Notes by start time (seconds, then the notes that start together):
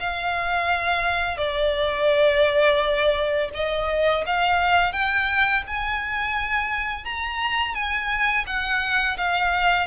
0.00 F5
1.38 D5
3.55 D#5
4.27 F5
4.93 G5
5.67 G#5
7.05 A#5
7.75 G#5
8.47 F#5
9.18 F5